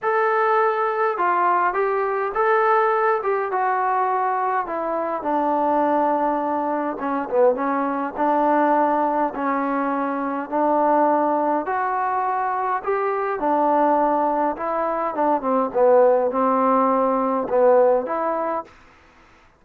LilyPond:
\new Staff \with { instrumentName = "trombone" } { \time 4/4 \tempo 4 = 103 a'2 f'4 g'4 | a'4. g'8 fis'2 | e'4 d'2. | cis'8 b8 cis'4 d'2 |
cis'2 d'2 | fis'2 g'4 d'4~ | d'4 e'4 d'8 c'8 b4 | c'2 b4 e'4 | }